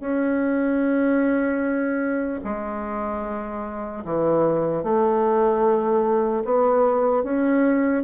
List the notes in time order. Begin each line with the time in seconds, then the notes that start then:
0.00 C#4
2.44 G#3
4.04 E3
4.83 A3
6.45 B3
7.23 C#4